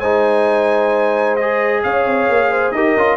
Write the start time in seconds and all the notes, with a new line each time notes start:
0.00 G#3 D#4 C5 G#5
1.36 G#4 D#5
1.84 C#4 C#5 F5
2.06 C4
2.29 A#3
2.52 C5
2.72 D#4 G4 A#4 D#5
2.97 C#4 F4